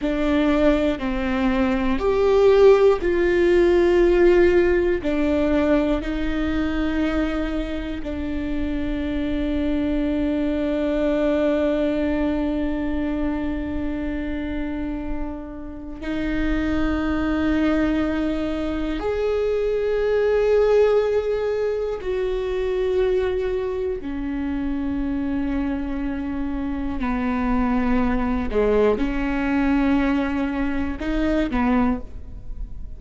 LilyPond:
\new Staff \with { instrumentName = "viola" } { \time 4/4 \tempo 4 = 60 d'4 c'4 g'4 f'4~ | f'4 d'4 dis'2 | d'1~ | d'1 |
dis'2. gis'4~ | gis'2 fis'2 | cis'2. b4~ | b8 gis8 cis'2 dis'8 b8 | }